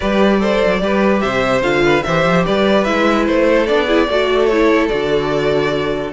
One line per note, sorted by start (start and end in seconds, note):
0.00 0.63 G3
0.00 0.39 G4
0.00 0.40 B4
0.00 1.20 D5
0.39 0.80 A4
0.39 0.81 C5
0.66 0.81 F#3
0.81 1.22 G3
0.81 1.61 G4
0.81 1.22 B4
1.20 1.62 C3
1.20 1.83 C5
1.20 1.61 E5
1.61 2.03 D3
1.61 2.02 F4
1.61 2.03 F5
1.84 2.04 B4
2.03 2.25 E3
2.03 2.85 G4
2.03 2.45 C5
2.03 2.43 E5
2.25 2.45 F3
2.45 2.87 G3
2.45 3.47 B4
2.45 2.84 D5
2.84 3.28 G#3
2.84 3.67 E4
2.84 3.25 E5
3.27 3.69 A3
3.27 3.66 C5
3.48 3.87 A4
3.66 4.08 B3
3.66 3.87 D4
3.66 4.46 D5
3.87 4.08 E4
3.87 4.07 G#4
4.08 4.89 A3
4.08 4.50 F#4
4.08 6.12 A4
4.46 4.89 E4
4.46 4.87 C#5
4.88 6.12 D3
4.88 6.11 F#4
4.88 6.11 D5